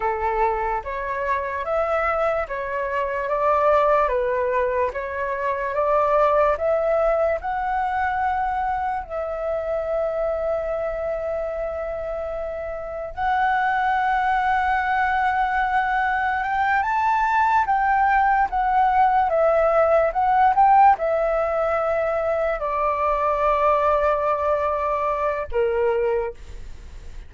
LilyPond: \new Staff \with { instrumentName = "flute" } { \time 4/4 \tempo 4 = 73 a'4 cis''4 e''4 cis''4 | d''4 b'4 cis''4 d''4 | e''4 fis''2 e''4~ | e''1 |
fis''1 | g''8 a''4 g''4 fis''4 e''8~ | e''8 fis''8 g''8 e''2 d''8~ | d''2. ais'4 | }